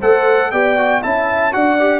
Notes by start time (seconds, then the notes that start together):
0.00 A3 A4 C5 F#5
0.51 B3 G4 D5 G5
0.78 F#4
1.02 C#4 E4 E5 A5
1.52 D4 F#4 D5 F#5
1.80 G4